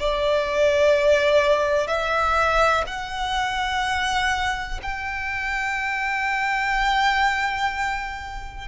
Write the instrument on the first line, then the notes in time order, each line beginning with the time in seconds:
violin
0.00 D5
1.87 E5
2.87 F#5
4.83 G5